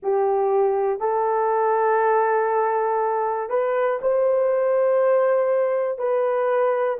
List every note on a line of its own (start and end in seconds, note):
0.02 1.00 G4
1.00 3.49 A4
3.49 3.99 B4
4.01 5.98 C5
5.98 6.98 B4